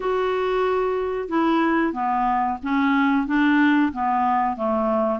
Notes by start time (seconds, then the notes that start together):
0.00 F#4
1.28 E4
1.92 B3
2.62 C#4
3.26 D4
3.92 B3
4.56 A3